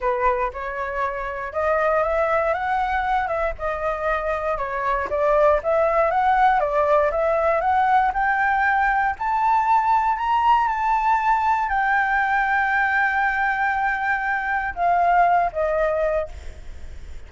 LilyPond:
\new Staff \with { instrumentName = "flute" } { \time 4/4 \tempo 4 = 118 b'4 cis''2 dis''4 | e''4 fis''4. e''8 dis''4~ | dis''4 cis''4 d''4 e''4 | fis''4 d''4 e''4 fis''4 |
g''2 a''2 | ais''4 a''2 g''4~ | g''1~ | g''4 f''4. dis''4. | }